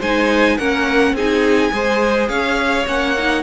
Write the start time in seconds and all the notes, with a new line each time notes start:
0.00 G#3 D#4 C5 G#5
0.58 A#3 C#4 A#4 F#5
1.13 C4 D#4 G#4 G#5
1.72 G#3 G#4 C5
2.29 C#4 C#5 F5
2.87 A#3 C#4 F#5
3.18 D#4